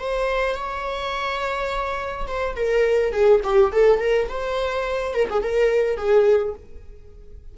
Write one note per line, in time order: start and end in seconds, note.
0.00 0.55 C5
0.55 2.27 C#5
2.27 2.56 C5
2.56 3.12 A#4
3.12 3.41 G#4
3.43 3.72 G4
3.72 4.00 A4
4.00 4.28 A#4
4.29 5.14 C5
5.14 5.28 A#4
5.30 5.43 G#4
5.43 5.97 A#4
5.97 6.54 G#4